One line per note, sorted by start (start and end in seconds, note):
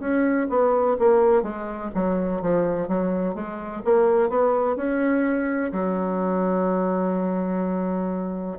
0.00 0.48 C#4
0.50 0.97 B3
1.00 1.43 A#3
1.43 1.90 G#3
1.95 2.42 F#3
2.42 2.89 F3
2.89 3.35 F#3
3.35 3.83 G#3
3.85 4.30 A#3
4.30 4.77 B3
4.77 5.72 C#4
5.72 8.58 F#3